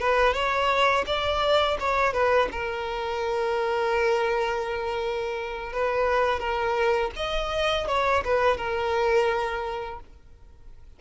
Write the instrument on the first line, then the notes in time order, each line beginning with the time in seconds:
violin
0.00 B4
0.33 C#5
1.06 D5
1.79 C#5
2.13 B4
2.52 A#4
5.73 B4
6.39 A#4
7.16 D#5
7.88 C#5
8.24 B4
8.57 A#4